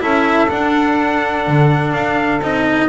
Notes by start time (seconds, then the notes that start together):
0.00 C#4 E4 A4 E5
0.49 D4 F#5
1.48 D3
1.93 D4 F5
2.41 C4 D#4 D#5